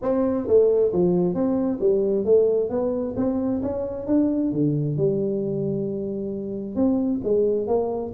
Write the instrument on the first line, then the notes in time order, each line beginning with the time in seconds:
tuba
0.02 C4
0.47 A3
0.92 F3
1.34 C4
1.80 G3
2.24 A3
2.69 B3
3.16 C4
3.62 C#4
4.06 D4
4.52 D3
4.97 G3
6.75 C4
7.23 G#3
7.67 A#3